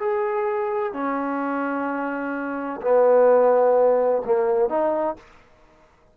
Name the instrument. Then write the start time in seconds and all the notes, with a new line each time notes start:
trombone
0.00 G#4
0.94 C#4
2.82 B3
4.26 A#3
4.70 D#4